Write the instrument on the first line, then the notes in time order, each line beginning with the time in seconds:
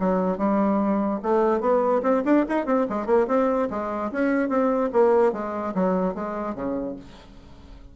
bassoon
0.00 F#3
0.38 G3
1.23 A3
1.61 B3
2.02 C4
2.25 D4
2.49 D#4
2.66 C4
2.90 G#3
3.06 A#3
3.28 C4
3.70 G#3
4.12 C#4
4.49 C4
4.93 A#3
5.33 G#3
5.75 F#3
6.15 G#3
6.55 C#3